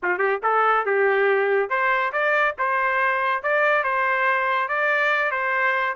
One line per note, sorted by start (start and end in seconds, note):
0.02 0.18 F4
0.18 0.39 G4
0.43 0.85 A4
0.85 1.69 G4
1.69 2.12 C5
2.12 2.55 D5
2.58 3.42 C5
3.42 3.83 D5
3.83 4.68 C5
4.68 5.31 D5
5.31 5.95 C5